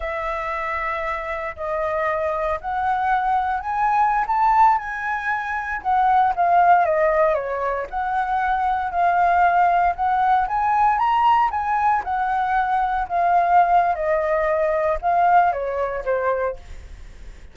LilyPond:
\new Staff \with { instrumentName = "flute" } { \time 4/4 \tempo 4 = 116 e''2. dis''4~ | dis''4 fis''2 gis''4~ | gis''16 a''4 gis''2 fis''8.~ | fis''16 f''4 dis''4 cis''4 fis''8.~ |
fis''4~ fis''16 f''2 fis''8.~ | fis''16 gis''4 ais''4 gis''4 fis''8.~ | fis''4~ fis''16 f''4.~ f''16 dis''4~ | dis''4 f''4 cis''4 c''4 | }